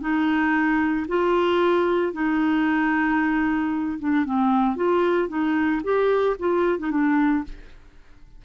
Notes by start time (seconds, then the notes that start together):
0.00 D#4
1.07 F4
2.13 D#4
3.99 D4
4.25 C4
4.76 F4
5.28 D#4
5.83 G4
6.39 F4
6.78 D#4
6.90 D4